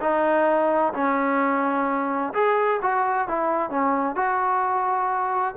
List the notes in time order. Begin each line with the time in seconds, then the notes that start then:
0.00 D#4
0.93 C#4
2.33 G#4
2.82 F#4
3.27 E4
3.70 C#4
4.15 F#4